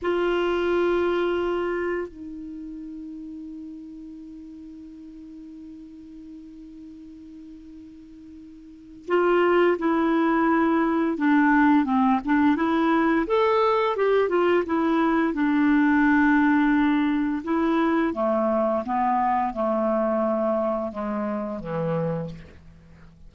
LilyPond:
\new Staff \with { instrumentName = "clarinet" } { \time 4/4 \tempo 4 = 86 f'2. dis'4~ | dis'1~ | dis'1~ | dis'4 f'4 e'2 |
d'4 c'8 d'8 e'4 a'4 | g'8 f'8 e'4 d'2~ | d'4 e'4 a4 b4 | a2 gis4 e4 | }